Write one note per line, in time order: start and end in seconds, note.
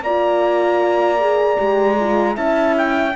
0.00 1.56 A#3
0.00 1.19 F4
0.00 2.37 D5
0.00 2.37 A#5
1.19 1.57 G#4
1.57 2.37 G#3
1.57 1.96 G4
2.00 2.34 F4
2.34 3.15 C#4
2.34 3.12 E4
2.34 3.15 E5
2.34 2.75 A5
2.78 3.16 G5